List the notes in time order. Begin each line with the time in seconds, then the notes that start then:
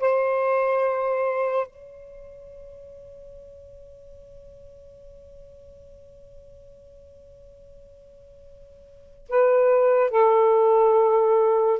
0.00 C5
1.67 C#5
9.29 B4
10.11 A4